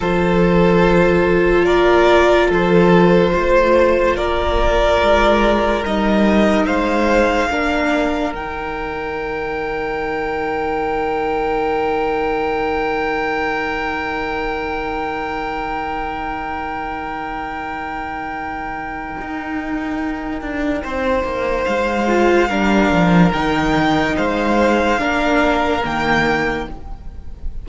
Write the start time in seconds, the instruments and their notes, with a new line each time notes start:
0.00 cello F3, viola F4, violin A4 C5
1.65 cello A#3, violin A#4 D5
2.47 cello F3, violin A4 C5
3.33 cello A3, violin C5
4.16 cello A#3, violin A#4 D5
5.01 cello G#3
5.83 cello G3, viola D#4, violin D#5
6.65 cello G#3, violin C5 F5
7.50 cello A#3, viola D4, violin A#4
8.33 cello D#3, viola D#4, violin G5
19.20 cello D#4
20.41 cello D4
20.82 cello C4, violin C5
21.23 cello A#3
21.64 cello G#3, violin F5
22.07 viola F4
22.48 cello G3, viola D4, violin A#4
22.90 cello F3
23.32 cello D#3, viola D#4, violin G5
24.16 cello G#3, violin C5 F5
24.98 cello A#3, viola D4, violin A#4
25.83 cello D#3, viola A#3, violin G5